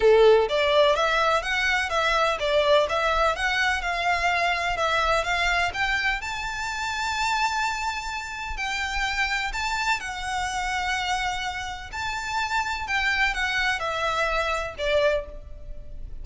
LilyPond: \new Staff \with { instrumentName = "violin" } { \time 4/4 \tempo 4 = 126 a'4 d''4 e''4 fis''4 | e''4 d''4 e''4 fis''4 | f''2 e''4 f''4 | g''4 a''2.~ |
a''2 g''2 | a''4 fis''2.~ | fis''4 a''2 g''4 | fis''4 e''2 d''4 | }